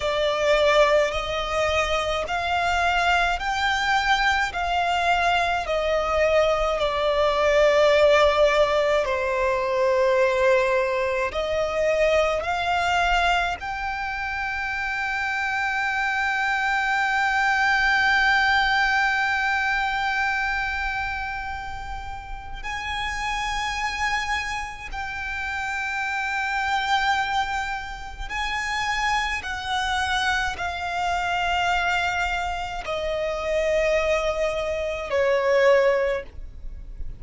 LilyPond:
\new Staff \with { instrumentName = "violin" } { \time 4/4 \tempo 4 = 53 d''4 dis''4 f''4 g''4 | f''4 dis''4 d''2 | c''2 dis''4 f''4 | g''1~ |
g''1 | gis''2 g''2~ | g''4 gis''4 fis''4 f''4~ | f''4 dis''2 cis''4 | }